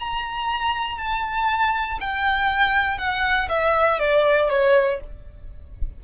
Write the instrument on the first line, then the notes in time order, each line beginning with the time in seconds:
violin
0.00 A#5
0.99 A5
2.01 G5
2.98 F#5
3.49 E5
4.00 D5
4.50 C#5